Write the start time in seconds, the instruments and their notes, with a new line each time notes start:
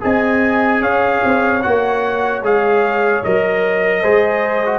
0.00 tuba C4, trombone G#4, horn D#5, trumpet G#5
0.80 tuba C#4, horn C#5, trumpet F5
1.24 tuba C4
1.62 tuba A#3, trombone F#4, trumpet F#5
2.42 tuba G#3, trombone G#4, trumpet F5
3.23 tuba F#3, trombone A#4, trumpet D#5
4.01 tuba G#3, trombone G#4, horn C5
4.65 trombone F#4